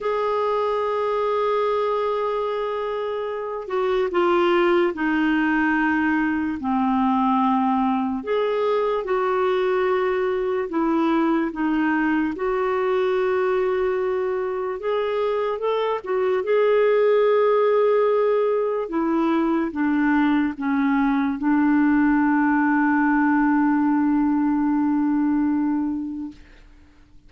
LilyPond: \new Staff \with { instrumentName = "clarinet" } { \time 4/4 \tempo 4 = 73 gis'1~ | gis'8 fis'8 f'4 dis'2 | c'2 gis'4 fis'4~ | fis'4 e'4 dis'4 fis'4~ |
fis'2 gis'4 a'8 fis'8 | gis'2. e'4 | d'4 cis'4 d'2~ | d'1 | }